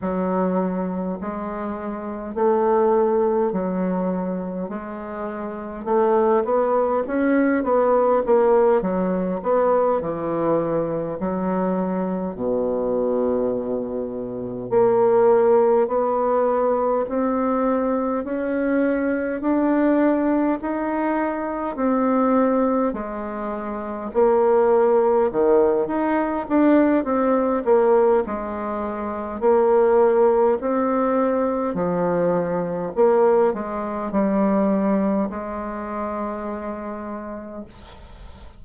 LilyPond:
\new Staff \with { instrumentName = "bassoon" } { \time 4/4 \tempo 4 = 51 fis4 gis4 a4 fis4 | gis4 a8 b8 cis'8 b8 ais8 fis8 | b8 e4 fis4 b,4.~ | b,8 ais4 b4 c'4 cis'8~ |
cis'8 d'4 dis'4 c'4 gis8~ | gis8 ais4 dis8 dis'8 d'8 c'8 ais8 | gis4 ais4 c'4 f4 | ais8 gis8 g4 gis2 | }